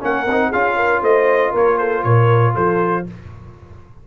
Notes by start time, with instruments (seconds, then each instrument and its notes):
0.00 tuba A#3, trombone C#4, horn A#4, trumpet F#5
0.26 tuba C4, trombone D#4
0.49 tuba C#4, trombone F4, horn G#4, trumpet F5
0.76 horn A#4
1.01 tuba A3, horn C5, trumpet D#5
1.51 tuba A#3, horn A#4, trumpet C#5
1.77 horn A4, trumpet C5
2.03 tuba A#2, horn A#4, trumpet C#5
2.54 tuba F3, horn A4, trumpet C5